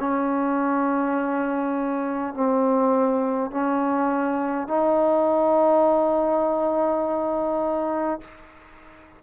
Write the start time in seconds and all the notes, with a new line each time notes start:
0.00 C#4
2.34 C4
3.51 C#4
4.68 D#4